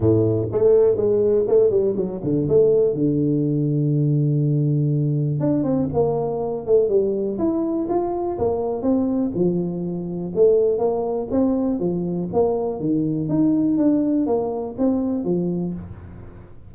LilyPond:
\new Staff \with { instrumentName = "tuba" } { \time 4/4 \tempo 4 = 122 a,4 a4 gis4 a8 g8 | fis8 d8 a4 d2~ | d2. d'8 c'8 | ais4. a8 g4 e'4 |
f'4 ais4 c'4 f4~ | f4 a4 ais4 c'4 | f4 ais4 dis4 dis'4 | d'4 ais4 c'4 f4 | }